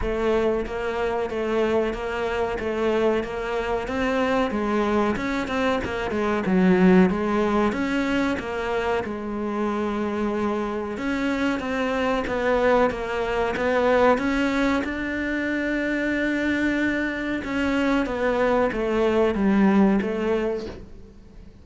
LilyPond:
\new Staff \with { instrumentName = "cello" } { \time 4/4 \tempo 4 = 93 a4 ais4 a4 ais4 | a4 ais4 c'4 gis4 | cis'8 c'8 ais8 gis8 fis4 gis4 | cis'4 ais4 gis2~ |
gis4 cis'4 c'4 b4 | ais4 b4 cis'4 d'4~ | d'2. cis'4 | b4 a4 g4 a4 | }